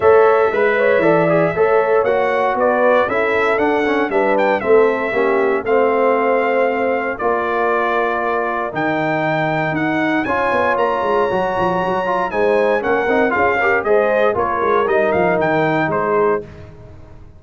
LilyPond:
<<
  \new Staff \with { instrumentName = "trumpet" } { \time 4/4 \tempo 4 = 117 e''1 | fis''4 d''4 e''4 fis''4 | e''8 g''8 e''2 f''4~ | f''2 d''2~ |
d''4 g''2 fis''4 | gis''4 ais''2. | gis''4 fis''4 f''4 dis''4 | cis''4 dis''8 f''8 g''4 c''4 | }
  \new Staff \with { instrumentName = "horn" } { \time 4/4 cis''4 b'8 cis''8 d''4 cis''4~ | cis''4 b'4 a'2 | b'4 a'4 g'4 c''4~ | c''2 ais'2~ |
ais'1 | cis''1 | c''4 ais'4 gis'8 ais'8 c''4 | ais'2. gis'4 | }
  \new Staff \with { instrumentName = "trombone" } { \time 4/4 a'4 b'4 a'8 gis'8 a'4 | fis'2 e'4 d'8 cis'8 | d'4 c'4 cis'4 c'4~ | c'2 f'2~ |
f'4 dis'2. | f'2 fis'4. f'8 | dis'4 cis'8 dis'8 f'8 g'8 gis'4 | f'4 dis'2. | }
  \new Staff \with { instrumentName = "tuba" } { \time 4/4 a4 gis4 e4 a4 | ais4 b4 cis'4 d'4 | g4 a4 ais4 a4~ | a2 ais2~ |
ais4 dis2 dis'4 | cis'8 b8 ais8 gis8 fis8 f8 fis4 | gis4 ais8 c'8 cis'4 gis4 | ais8 gis8 g8 f8 dis4 gis4 | }
>>